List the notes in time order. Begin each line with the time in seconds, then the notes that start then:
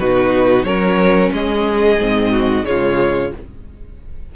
0.00 B2 D#4 F#4 B4
0.64 F#3 C#4 A#4 C#5
1.33 G#3 G#4 D#5
1.98 G#2 C4
2.32 F#4
2.65 C#3 G#3 F4 C#5